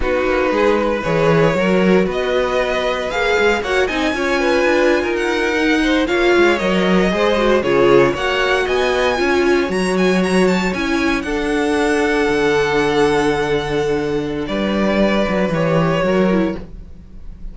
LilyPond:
<<
  \new Staff \with { instrumentName = "violin" } { \time 4/4 \tempo 4 = 116 b'2 cis''2 | dis''2 f''4 fis''8 gis''8~ | gis''2 fis''4.~ fis''16 f''16~ | f''8. dis''2 cis''4 fis''16~ |
fis''8. gis''2 ais''8 gis''8 ais''16~ | ais''16 a''8 gis''4 fis''2~ fis''16~ | fis''1 | d''2 cis''2 | }
  \new Staff \with { instrumentName = "violin" } { \time 4/4 fis'4 gis'8 b'4. ais'4 | b'2. cis''8 dis''8 | cis''8 b'4~ b'16 ais'4. c''8 cis''16~ | cis''4.~ cis''16 c''4 gis'4 cis''16~ |
cis''8. dis''4 cis''2~ cis''16~ | cis''4.~ cis''16 a'2~ a'16~ | a'1 | b'2. ais'4 | }
  \new Staff \with { instrumentName = "viola" } { \time 4/4 dis'2 gis'4 fis'4~ | fis'2 gis'4 fis'8 dis'8 | f'2~ f'8. dis'4 f'16~ | f'8. ais'4 gis'8 fis'8 f'4 fis'16~ |
fis'4.~ fis'16 f'4 fis'4~ fis'16~ | fis'8. e'4 d'2~ d'16~ | d'1~ | d'2 g'4 fis'8 e'8 | }
  \new Staff \with { instrumentName = "cello" } { \time 4/4 b8 ais8 gis4 e4 fis4 | b2 ais8 gis8 ais8 c'8 | cis'4 d'8. dis'2 ais16~ | ais16 gis8 fis4 gis4 cis4 ais16~ |
ais8. b4 cis'4 fis4~ fis16~ | fis8. cis'4 d'2 d16~ | d1 | g4. fis8 e4 fis4 | }
>>